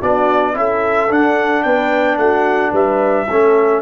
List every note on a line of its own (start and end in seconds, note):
0.00 0.56 B3
0.00 0.54 D4
0.00 0.55 F#4
0.00 0.57 D5
0.54 1.10 C#4
0.54 1.09 E4
0.54 1.65 A4
0.54 1.12 E5
1.09 3.27 D4
1.09 1.65 D4
1.09 1.63 F#5
1.63 2.18 B3
1.63 2.19 B4
1.63 2.18 G5
2.18 2.73 A3
2.18 2.72 F#4
2.18 2.73 F#5
2.72 3.28 G3
2.72 3.26 B4
2.72 3.82 E5
3.28 3.82 A3
3.28 3.82 C#4
3.28 3.82 A4